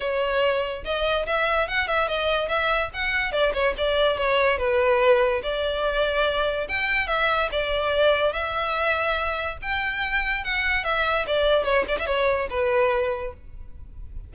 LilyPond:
\new Staff \with { instrumentName = "violin" } { \time 4/4 \tempo 4 = 144 cis''2 dis''4 e''4 | fis''8 e''8 dis''4 e''4 fis''4 | d''8 cis''8 d''4 cis''4 b'4~ | b'4 d''2. |
g''4 e''4 d''2 | e''2. g''4~ | g''4 fis''4 e''4 d''4 | cis''8 d''16 e''16 cis''4 b'2 | }